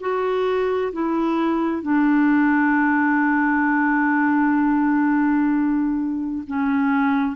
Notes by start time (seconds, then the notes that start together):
0.00 F#4
0.93 E4
1.83 D4
6.47 C#4